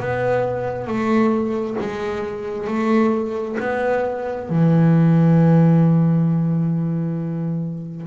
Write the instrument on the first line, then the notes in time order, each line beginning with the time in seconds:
double bass
0.00 B3
0.87 A3
1.80 G#3
2.67 A3
3.60 B3
4.49 E3